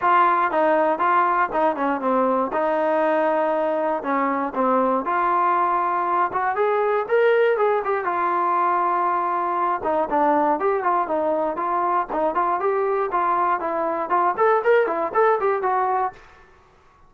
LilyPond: \new Staff \with { instrumentName = "trombone" } { \time 4/4 \tempo 4 = 119 f'4 dis'4 f'4 dis'8 cis'8 | c'4 dis'2. | cis'4 c'4 f'2~ | f'8 fis'8 gis'4 ais'4 gis'8 g'8 |
f'2.~ f'8 dis'8 | d'4 g'8 f'8 dis'4 f'4 | dis'8 f'8 g'4 f'4 e'4 | f'8 a'8 ais'8 e'8 a'8 g'8 fis'4 | }